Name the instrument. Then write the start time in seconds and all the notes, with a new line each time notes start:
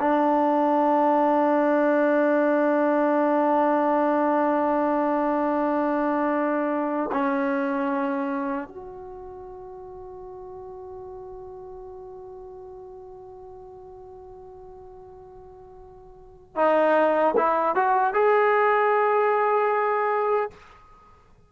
trombone
0.00 D4
7.12 C#4
8.68 F#4
16.56 D#4
17.37 E4
17.76 F#4
18.14 G#4